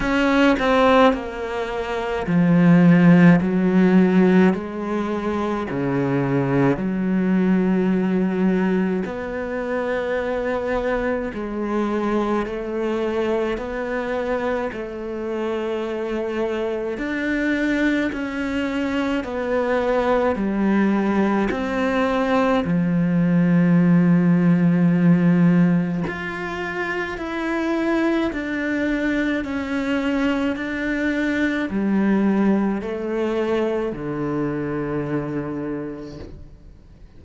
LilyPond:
\new Staff \with { instrumentName = "cello" } { \time 4/4 \tempo 4 = 53 cis'8 c'8 ais4 f4 fis4 | gis4 cis4 fis2 | b2 gis4 a4 | b4 a2 d'4 |
cis'4 b4 g4 c'4 | f2. f'4 | e'4 d'4 cis'4 d'4 | g4 a4 d2 | }